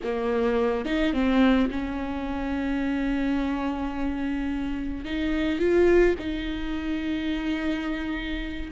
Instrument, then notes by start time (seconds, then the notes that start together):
viola
0.03 A#3
0.85 D#4
1.13 C4
1.71 C#4
5.05 D#4
5.59 F4
6.18 D#4